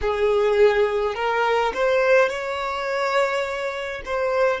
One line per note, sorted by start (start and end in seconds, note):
0.01 1.14 G#4
1.14 1.72 A#4
1.74 2.29 C5
2.29 4.02 C#5
4.05 4.60 C5